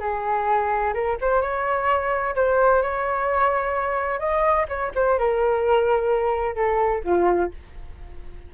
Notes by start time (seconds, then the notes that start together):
0.00 G#4
0.94 A#4
1.21 C5
1.41 C#5
2.36 C5
2.83 C#5
4.20 D#5
4.69 C#5
4.95 C5
5.19 A#4
6.56 A4
7.04 F4